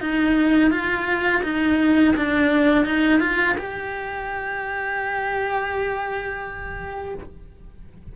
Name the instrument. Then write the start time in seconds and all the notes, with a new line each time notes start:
cello
0.00 D#4
0.70 F4
1.43 D#4
2.16 D4
2.85 D#4
3.20 F4
3.57 G4